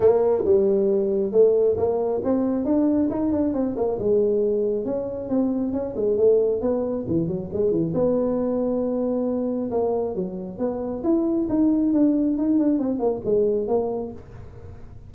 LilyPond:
\new Staff \with { instrumentName = "tuba" } { \time 4/4 \tempo 4 = 136 ais4 g2 a4 | ais4 c'4 d'4 dis'8 d'8 | c'8 ais8 gis2 cis'4 | c'4 cis'8 gis8 a4 b4 |
e8 fis8 gis8 e8 b2~ | b2 ais4 fis4 | b4 e'4 dis'4 d'4 | dis'8 d'8 c'8 ais8 gis4 ais4 | }